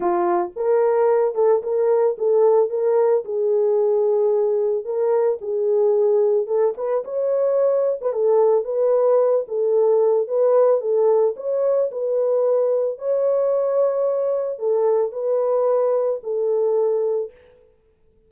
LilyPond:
\new Staff \with { instrumentName = "horn" } { \time 4/4 \tempo 4 = 111 f'4 ais'4. a'8 ais'4 | a'4 ais'4 gis'2~ | gis'4 ais'4 gis'2 | a'8 b'8 cis''4.~ cis''16 b'16 a'4 |
b'4. a'4. b'4 | a'4 cis''4 b'2 | cis''2. a'4 | b'2 a'2 | }